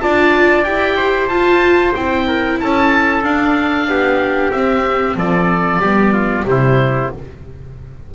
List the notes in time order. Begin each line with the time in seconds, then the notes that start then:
0.00 D4 F4 D5 A5
0.63 E4 G4 G5
0.96 C5
1.27 F4 A5
1.95 C4 E4 G5
2.27 A#4
2.59 C#4 A4 A5
3.23 D4 F5
3.87 B3 G4
4.51 C4 E5
5.16 F3 A4 D5
5.79 G3 B3 G4
6.12 F4
6.43 C3 G3 C5
6.50 E4